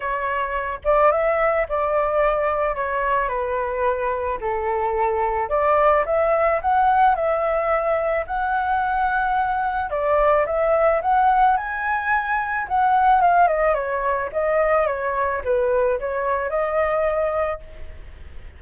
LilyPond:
\new Staff \with { instrumentName = "flute" } { \time 4/4 \tempo 4 = 109 cis''4. d''8 e''4 d''4~ | d''4 cis''4 b'2 | a'2 d''4 e''4 | fis''4 e''2 fis''4~ |
fis''2 d''4 e''4 | fis''4 gis''2 fis''4 | f''8 dis''8 cis''4 dis''4 cis''4 | b'4 cis''4 dis''2 | }